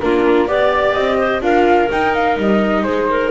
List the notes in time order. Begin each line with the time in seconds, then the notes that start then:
0.00 A#3 D4 F4 A#4
0.47 B3 G4 D5
0.94 C4 D#5
1.18 C5
1.41 D4 F4 A#4 F5
1.91 D#4 G5
2.15 F5
2.37 G3 D#5
2.82 G#3 G#4 C5
3.09 A#4